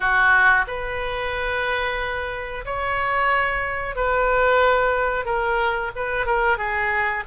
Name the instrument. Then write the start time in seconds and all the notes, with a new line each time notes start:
oboe
0.00 F#4
0.67 B4
2.65 C#5
3.95 B4
5.25 A#4
5.95 B4
6.26 A#4
6.57 G#4